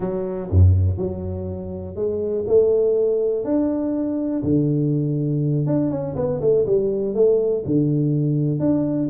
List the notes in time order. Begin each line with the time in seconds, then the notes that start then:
0.00 F#3
0.50 F#2
0.97 F#3
1.95 G#3
2.47 A3
3.44 D4
4.43 D3
5.66 D4
5.90 C#4
6.15 B3
6.40 A3
6.65 G3
7.14 A3
7.65 D3
8.59 D4